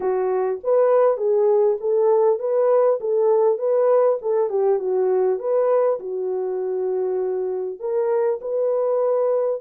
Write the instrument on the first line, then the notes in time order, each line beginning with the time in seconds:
horn
0.00 F#4
0.63 B4
1.17 G#4
1.80 A4
2.39 B4
3.00 A4
3.58 B4
4.21 A4
4.49 G4
4.79 F#4
5.39 B4
5.99 F#4
7.79 A#4
8.41 B4